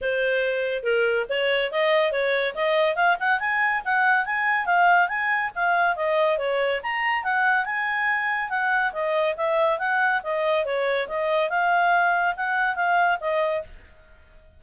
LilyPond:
\new Staff \with { instrumentName = "clarinet" } { \time 4/4 \tempo 4 = 141 c''2 ais'4 cis''4 | dis''4 cis''4 dis''4 f''8 fis''8 | gis''4 fis''4 gis''4 f''4 | gis''4 f''4 dis''4 cis''4 |
ais''4 fis''4 gis''2 | fis''4 dis''4 e''4 fis''4 | dis''4 cis''4 dis''4 f''4~ | f''4 fis''4 f''4 dis''4 | }